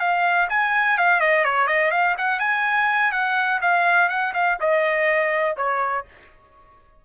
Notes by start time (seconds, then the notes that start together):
0.00 F5
0.49 G#5
0.98 F5
1.20 D#5
1.45 C#5
1.67 D#5
1.91 F5
2.18 F#5
2.39 G#5
3.12 F#5
3.61 F5
4.09 F#5
4.34 F5
4.60 D#5
5.57 C#5